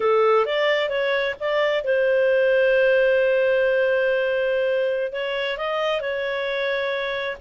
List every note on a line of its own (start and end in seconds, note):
0.00 0.45 A4
0.45 0.89 D5
0.89 1.34 C#5
1.39 1.83 D5
1.83 5.12 C5
5.12 5.57 C#5
5.57 6.00 D#5
6.00 7.37 C#5